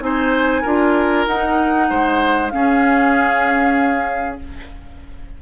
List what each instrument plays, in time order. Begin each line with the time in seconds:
0.00 bassoon C4, clarinet D#4, oboe C5, flute G#5
0.61 bassoon D4, clarinet F4, oboe A#4
1.26 bassoon D#4, clarinet D#4, flute F#5
1.89 bassoon G#3, oboe C5
2.49 clarinet C#4, bassoon C#4, oboe G#4, flute F5